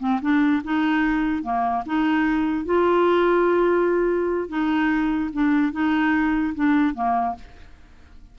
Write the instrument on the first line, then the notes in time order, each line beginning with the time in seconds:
clarinet
0.00 C4
0.22 D4
0.64 D#4
1.43 A#3
1.86 D#4
2.65 F4
4.49 D#4
5.33 D4
5.73 D#4
6.55 D4
6.95 A#3